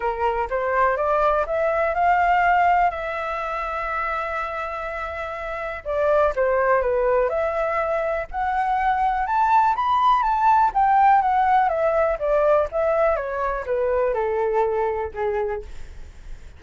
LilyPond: \new Staff \with { instrumentName = "flute" } { \time 4/4 \tempo 4 = 123 ais'4 c''4 d''4 e''4 | f''2 e''2~ | e''1 | d''4 c''4 b'4 e''4~ |
e''4 fis''2 a''4 | b''4 a''4 g''4 fis''4 | e''4 d''4 e''4 cis''4 | b'4 a'2 gis'4 | }